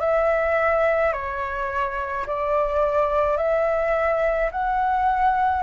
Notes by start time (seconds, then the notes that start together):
0.00 E5
1.13 C#5
2.26 D5
3.37 E5
4.51 F#5